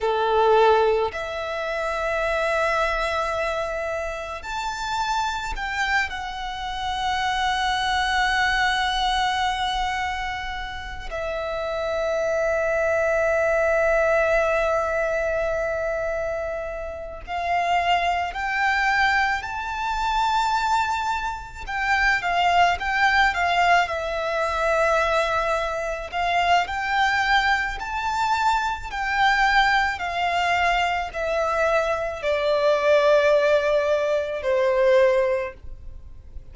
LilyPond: \new Staff \with { instrumentName = "violin" } { \time 4/4 \tempo 4 = 54 a'4 e''2. | a''4 g''8 fis''2~ fis''8~ | fis''2 e''2~ | e''2.~ e''8 f''8~ |
f''8 g''4 a''2 g''8 | f''8 g''8 f''8 e''2 f''8 | g''4 a''4 g''4 f''4 | e''4 d''2 c''4 | }